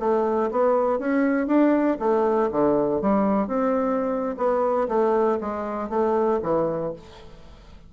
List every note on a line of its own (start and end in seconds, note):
0.00 0.50 A3
0.51 0.99 B3
0.99 1.47 C#4
1.47 1.97 D4
2.00 2.50 A3
2.51 3.01 D3
3.01 3.48 G3
3.48 4.36 C4
4.38 4.88 B3
4.88 5.39 A3
5.41 5.90 G#3
5.90 6.40 A3
6.43 6.93 E3